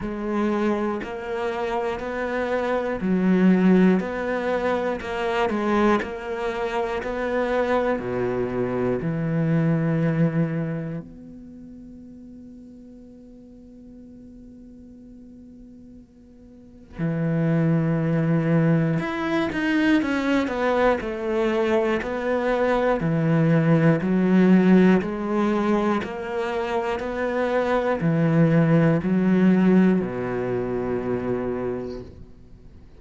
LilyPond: \new Staff \with { instrumentName = "cello" } { \time 4/4 \tempo 4 = 60 gis4 ais4 b4 fis4 | b4 ais8 gis8 ais4 b4 | b,4 e2 b4~ | b1~ |
b4 e2 e'8 dis'8 | cis'8 b8 a4 b4 e4 | fis4 gis4 ais4 b4 | e4 fis4 b,2 | }